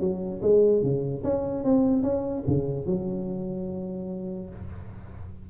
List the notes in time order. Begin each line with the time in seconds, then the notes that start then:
0.00 F#3
0.42 G#3
0.82 C#3
1.23 C#4
1.64 C4
2.02 C#4
2.47 C#3
2.86 F#3